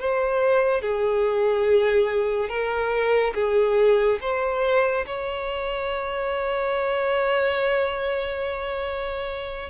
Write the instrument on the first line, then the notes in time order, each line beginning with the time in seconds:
violin
0.00 C5
0.81 G#4
2.49 A#4
3.35 G#4
4.21 C5
5.06 C#5